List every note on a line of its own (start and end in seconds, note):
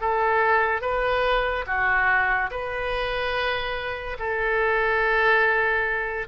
0.00 0.81 A4
0.81 1.64 B4
1.66 2.50 F#4
2.50 4.17 B4
4.19 6.27 A4